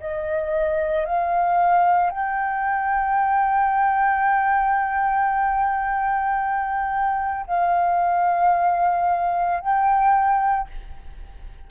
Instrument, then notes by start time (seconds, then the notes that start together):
flute
0.00 D#5
1.06 F5
2.10 G5
7.47 F5
9.60 G5